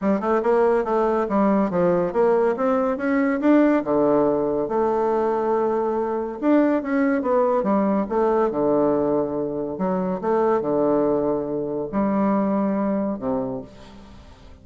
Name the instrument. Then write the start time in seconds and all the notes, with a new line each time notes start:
bassoon
0.01 G3
0.20 A3
0.42 A#3
0.84 A3
1.29 G3
1.70 F3
2.13 A#3
2.56 C4
2.97 C#4
3.40 D4
3.84 D3
4.68 A3
6.40 D4
6.82 C#4
7.22 B3
7.63 G3
8.09 A3
8.50 D3
9.78 F#3
10.21 A3
10.61 D3
11.92 G3
13.18 C3